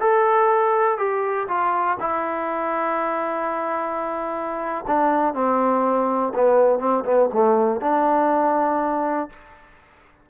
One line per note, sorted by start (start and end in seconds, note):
0.00 0.98 A4
0.98 1.47 G4
1.48 1.98 F4
2.00 4.85 E4
4.87 5.34 D4
5.34 6.33 C4
6.35 6.79 B3
6.79 7.04 C4
7.05 7.30 B3
7.33 7.81 A3
7.81 9.30 D4